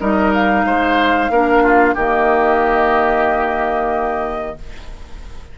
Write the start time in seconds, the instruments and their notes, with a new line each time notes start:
0.00 bassoon G3, clarinet D#4, oboe A#4, flute D#5
0.34 flute F5
0.65 bassoon G#3, oboe C5
1.30 bassoon A#3, clarinet D4, oboe A#4
1.63 oboe F4
1.94 bassoon D#3, clarinet A#3, oboe G4, flute D#5